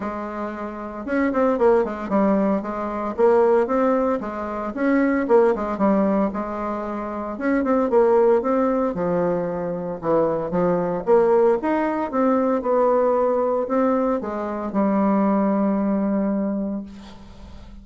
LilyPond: \new Staff \with { instrumentName = "bassoon" } { \time 4/4 \tempo 4 = 114 gis2 cis'8 c'8 ais8 gis8 | g4 gis4 ais4 c'4 | gis4 cis'4 ais8 gis8 g4 | gis2 cis'8 c'8 ais4 |
c'4 f2 e4 | f4 ais4 dis'4 c'4 | b2 c'4 gis4 | g1 | }